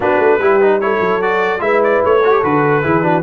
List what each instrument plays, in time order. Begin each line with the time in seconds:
0.00 tuba B3, trombone D4, horn F#4, trumpet B4
0.18 tuba A3
0.38 tuba G3, trombone E4, horn G4
0.61 trombone D#4
0.80 trombone E4, horn A4, trumpet C#5
1.00 tuba F#3
1.21 trombone F#4, trumpet D5
1.59 tuba G#3, trombone E4, horn B4, trumpet E5
1.83 trumpet D5
2.04 tuba A3, trumpet C#5
2.23 trombone F#4, horn A4
2.31 trombone G4
2.42 tuba D3, trombone F#4, trumpet B4
2.83 tuba E3, trombone E4, horn G#4
3.02 trombone D4, horn F#4